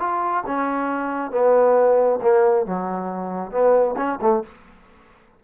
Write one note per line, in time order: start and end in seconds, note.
0.00 0.44 F4
0.47 1.32 C#4
1.32 2.20 B3
2.22 2.67 A#3
2.67 3.52 F#3
3.52 3.96 B3
3.97 4.19 C#4
4.22 4.44 A3